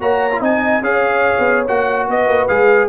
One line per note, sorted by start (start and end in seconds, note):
0.00 0.40 A#3
0.00 0.31 F#4
0.00 0.41 C#5
0.00 0.42 A#5
0.32 0.41 F4
0.40 0.82 C4
0.40 0.82 D#4
0.40 0.82 D#5
0.40 0.83 G#5
0.82 1.33 C#4
0.82 1.66 G#4
0.82 2.08 C#5
0.82 1.66 F5
1.39 1.68 B3
1.67 2.08 A#3
1.67 2.49 F#4
1.67 2.09 F#5
2.08 2.27 B3
2.08 2.89 B4
2.08 2.48 D#5
2.27 2.48 A#3
2.48 2.89 G#3
2.48 2.89 G#4
2.48 2.89 F5